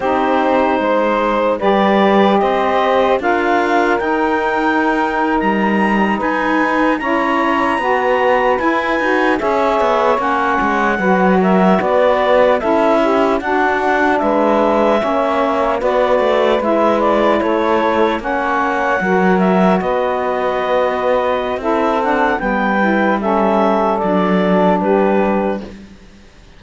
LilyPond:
<<
  \new Staff \with { instrumentName = "clarinet" } { \time 4/4 \tempo 4 = 75 c''2 d''4 dis''4 | f''4 g''4.~ g''16 ais''4 gis''16~ | gis''8. ais''2 gis''4 e''16~ | e''8. fis''4. e''8 d''4 e''16~ |
e''8. fis''4 e''2 d''16~ | d''8. e''8 d''8 cis''4 fis''4~ fis''16~ | fis''16 e''8 dis''2~ dis''16 e''8 fis''8 | g''4 e''4 d''4 b'4 | }
  \new Staff \with { instrumentName = "saxophone" } { \time 4/4 g'4 c''4 b'4 c''4 | ais'2.~ ais'8. b'16~ | b'8. cis''4 b'2 cis''16~ | cis''4.~ cis''16 b'8 ais'8 b'4 a'16~ |
a'16 g'8 fis'4 b'4 cis''4 b'16~ | b'4.~ b'16 a'4 cis''4 ais'16~ | ais'8. b'2~ b'16 a'4 | b'4 a'2 g'4 | }
  \new Staff \with { instrumentName = "saxophone" } { \time 4/4 dis'2 g'2 | f'4 dis'2.~ | dis'8. e'4 fis'4 e'8 fis'8 gis'16~ | gis'8. cis'4 fis'2 e'16~ |
e'8. d'2 cis'4 fis'16~ | fis'8. e'2 cis'4 fis'16~ | fis'2. e'8 d'8 | b8 e'8 cis'4 d'2 | }
  \new Staff \with { instrumentName = "cello" } { \time 4/4 c'4 gis4 g4 c'4 | d'4 dis'4.~ dis'16 g4 dis'16~ | dis'8. cis'4 b4 e'8 dis'8 cis'16~ | cis'16 b8 ais8 gis8 fis4 b4 cis'16~ |
cis'8. d'4 gis4 ais4 b16~ | b16 a8 gis4 a4 ais4 fis16~ | fis8. b2~ b16 c'4 | g2 fis4 g4 | }
>>